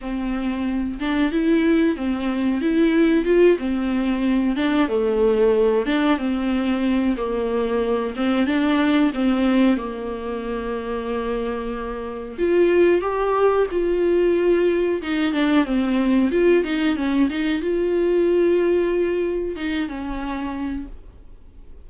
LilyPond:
\new Staff \with { instrumentName = "viola" } { \time 4/4 \tempo 4 = 92 c'4. d'8 e'4 c'4 | e'4 f'8 c'4. d'8 a8~ | a4 d'8 c'4. ais4~ | ais8 c'8 d'4 c'4 ais4~ |
ais2. f'4 | g'4 f'2 dis'8 d'8 | c'4 f'8 dis'8 cis'8 dis'8 f'4~ | f'2 dis'8 cis'4. | }